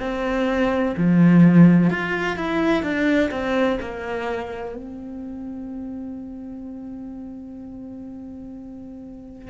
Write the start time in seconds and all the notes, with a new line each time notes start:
0.00 C4
0.97 F3
1.90 F4
2.36 E4
2.83 D4
3.31 C4
3.81 A#3
4.76 C4